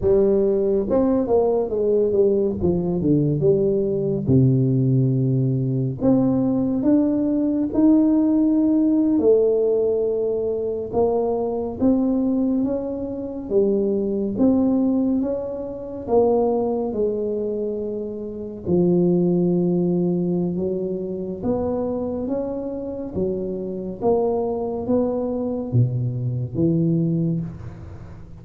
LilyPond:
\new Staff \with { instrumentName = "tuba" } { \time 4/4 \tempo 4 = 70 g4 c'8 ais8 gis8 g8 f8 d8 | g4 c2 c'4 | d'4 dis'4.~ dis'16 a4~ a16~ | a8. ais4 c'4 cis'4 g16~ |
g8. c'4 cis'4 ais4 gis16~ | gis4.~ gis16 f2~ f16 | fis4 b4 cis'4 fis4 | ais4 b4 b,4 e4 | }